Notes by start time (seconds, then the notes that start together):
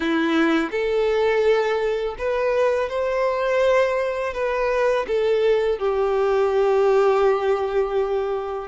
0.00 E4
0.71 A4
2.18 B4
2.89 C5
4.33 B4
5.07 A4
5.78 G4